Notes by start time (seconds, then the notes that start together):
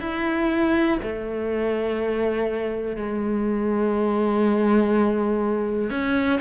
0.00 E4
1.03 A3
2.96 G#3
5.91 C#4